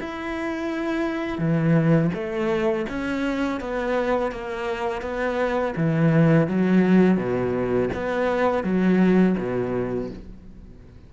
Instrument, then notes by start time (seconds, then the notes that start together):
cello
0.00 E4
1.38 E3
2.14 A3
2.89 C#4
3.61 B3
4.32 A#3
5.02 B3
5.76 E3
6.48 F#3
7.17 B2
7.94 B3
8.64 F#3
9.38 B2